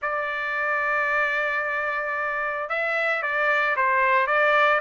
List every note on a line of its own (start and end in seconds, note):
0.01 2.69 D5
2.69 3.22 E5
3.22 3.76 D5
3.76 4.27 C5
4.27 4.80 D5